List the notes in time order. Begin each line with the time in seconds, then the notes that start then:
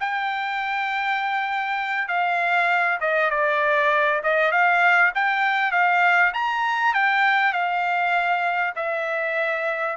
0.00 G5
2.08 F5
3.00 D#5
3.31 D5
4.23 D#5
4.52 F5
5.15 G5
5.72 F5
6.34 A#5
6.94 G5
7.53 F5
8.75 E5